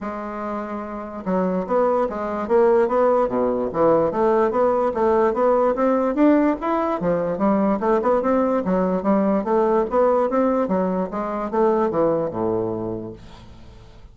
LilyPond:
\new Staff \with { instrumentName = "bassoon" } { \time 4/4 \tempo 4 = 146 gis2. fis4 | b4 gis4 ais4 b4 | b,4 e4 a4 b4 | a4 b4 c'4 d'4 |
e'4 f4 g4 a8 b8 | c'4 fis4 g4 a4 | b4 c'4 fis4 gis4 | a4 e4 a,2 | }